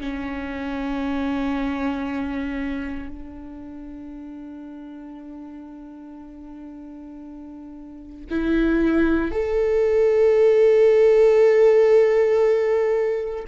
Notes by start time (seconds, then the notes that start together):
0.00 C#4
3.08 D4
8.30 E4
9.31 A4